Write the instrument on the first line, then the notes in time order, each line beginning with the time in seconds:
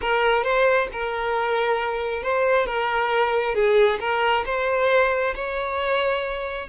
violin
0.01 A#4
0.43 C5
0.92 A#4
2.22 C5
2.66 A#4
3.54 G#4
4.00 A#4
4.45 C5
5.35 C#5